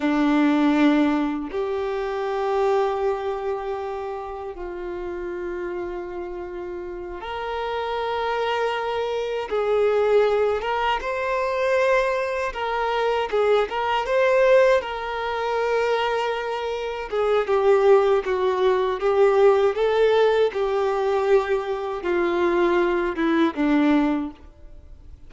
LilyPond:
\new Staff \with { instrumentName = "violin" } { \time 4/4 \tempo 4 = 79 d'2 g'2~ | g'2 f'2~ | f'4. ais'2~ ais'8~ | ais'8 gis'4. ais'8 c''4.~ |
c''8 ais'4 gis'8 ais'8 c''4 ais'8~ | ais'2~ ais'8 gis'8 g'4 | fis'4 g'4 a'4 g'4~ | g'4 f'4. e'8 d'4 | }